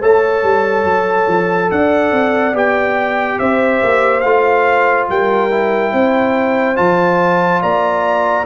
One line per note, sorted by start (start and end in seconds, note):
0.00 0.42 A3
0.00 2.53 A4
0.00 1.69 C#5
0.00 1.71 A5
0.42 0.84 G3
0.84 1.26 F#3
1.27 1.69 F3
1.71 2.11 D4
1.71 3.39 D5
1.71 2.55 F#5
2.11 2.54 C4
2.53 3.38 B3
2.53 4.22 G4
2.53 3.39 G5
3.39 3.81 C4
3.39 5.08 C5
3.39 4.20 E5
3.83 4.23 A#3
4.20 5.08 A3
4.20 5.50 F4
4.20 5.04 F5
5.08 5.93 G3
5.08 5.92 A#4
5.08 6.76 G5
5.50 6.75 E4
5.92 6.77 C4
5.92 7.61 C5
6.75 7.62 F3
6.75 8.44 F4
6.75 7.61 A5
7.61 8.46 A#3
7.61 8.46 D5
7.61 8.46 A#5